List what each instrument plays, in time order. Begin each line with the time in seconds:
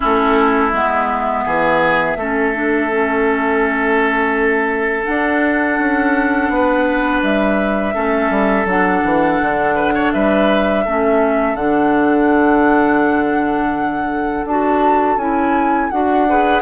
0.00 bassoon A3, clarinet C#4, oboe E4, flute A4
0.72 bassoon G#3, clarinet B3, flute E5
1.45 bassoon E3, oboe G#4
2.16 bassoon A3, clarinet C#4, oboe A4
2.54 clarinet D4
2.90 clarinet C#4
5.05 clarinet D4, bassoon D4, flute F#5
5.79 bassoon C#4
6.49 bassoon B3, oboe B4
7.22 bassoon G3, flute E5
7.93 bassoon A3, clarinet C#4, oboe A4
8.30 bassoon G3
8.65 bassoon F#3, clarinet D4, flute F#5
9.04 bassoon E3
9.41 bassoon D3
9.75 oboe B4
9.94 oboe C#5
10.12 bassoon G3, oboe B4, flute E5
10.84 bassoon A3, clarinet C#4, oboe A4
11.54 bassoon D3, clarinet D4, flute F#5
14.44 bassoon D4, clarinet F#4, flute A5
15.16 bassoon C#4, clarinet E4, flute G#5
15.90 bassoon D4, clarinet F#4, flute F#5
16.28 clarinet G#4, oboe B4